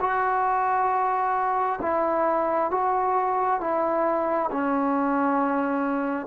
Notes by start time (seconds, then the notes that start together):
0.00 F#4
1.81 E4
2.71 F#4
3.60 E4
4.51 C#4